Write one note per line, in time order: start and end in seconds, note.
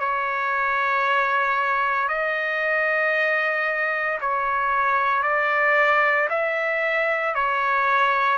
0.00 2.09 C#5
2.09 4.19 D#5
4.21 5.23 C#5
5.23 6.28 D5
6.30 7.35 E5
7.35 8.38 C#5